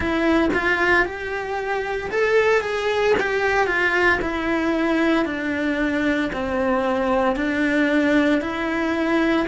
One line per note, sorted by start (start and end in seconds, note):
0.00 0.49 E4
0.53 1.05 F4
1.05 2.10 G4
2.11 2.61 A4
2.61 3.13 G#4
3.19 3.66 G4
3.66 4.19 F4
4.21 5.25 E4
5.25 6.30 D4
6.32 7.35 C4
7.35 8.41 D4
8.41 9.46 E4